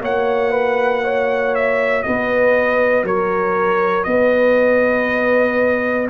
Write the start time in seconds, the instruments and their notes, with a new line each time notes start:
0.00 tuba A#3, trombone F#4, horn C#5, trumpet F#5
0.51 horn B4
1.03 horn C#5
1.55 trumpet E5
2.02 tuba B3, horn B4, trumpet D#5
3.03 tuba F#3, horn A#4, trumpet C#5
4.03 tuba B3, horn B4, trumpet D#5